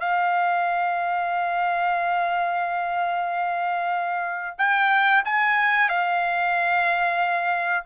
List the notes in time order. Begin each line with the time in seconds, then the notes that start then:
0.00 F5
4.59 G5
5.26 G#5
5.89 F5